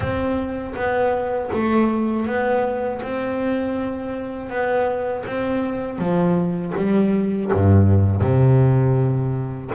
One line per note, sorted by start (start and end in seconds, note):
0.00 0.74 C4
0.75 1.50 B3
1.53 2.26 A3
2.26 3.01 B3
3.02 4.49 C4
4.49 5.24 B3
5.26 5.98 C4
5.98 6.73 F3
6.76 7.51 G3
7.52 8.21 G2
8.21 9.71 C3